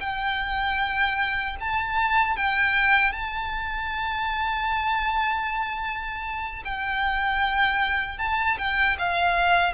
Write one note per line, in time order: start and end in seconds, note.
0.00 1.56 G5
1.60 2.36 A5
2.36 3.12 G5
3.12 6.63 A5
6.64 8.18 G5
8.18 8.57 A5
8.57 8.96 G5
8.98 9.73 F5